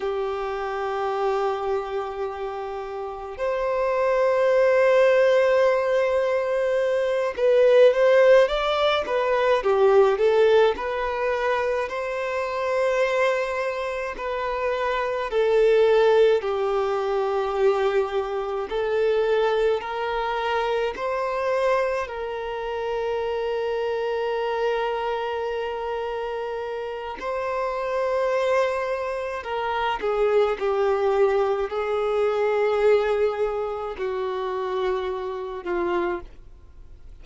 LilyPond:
\new Staff \with { instrumentName = "violin" } { \time 4/4 \tempo 4 = 53 g'2. c''4~ | c''2~ c''8 b'8 c''8 d''8 | b'8 g'8 a'8 b'4 c''4.~ | c''8 b'4 a'4 g'4.~ |
g'8 a'4 ais'4 c''4 ais'8~ | ais'1 | c''2 ais'8 gis'8 g'4 | gis'2 fis'4. f'8 | }